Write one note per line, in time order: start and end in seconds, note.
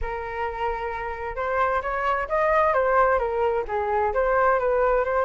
0.01 1.36 A#4
1.36 1.81 C5
1.82 2.28 C#5
2.28 2.73 D#5
2.73 3.18 C5
3.18 3.64 A#4
3.67 4.13 G#4
4.13 4.59 C5
4.59 5.04 B4
5.04 5.25 C5